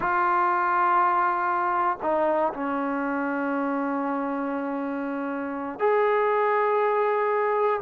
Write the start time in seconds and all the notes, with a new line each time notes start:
0.00 F4
2.02 D#4
2.53 C#4
5.79 G#4